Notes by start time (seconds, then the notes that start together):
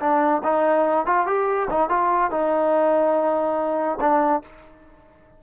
0.00 D4
0.43 D#4
1.06 F4
1.26 G4
1.70 D#4
1.89 F4
2.31 D#4
4.00 D4